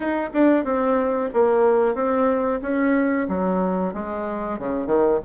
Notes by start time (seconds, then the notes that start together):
0.00 D#4
0.33 D4
0.64 C4
1.33 A#3
1.94 C4
2.61 C#4
3.28 F#3
3.93 G#3
4.58 C#3
4.86 D#3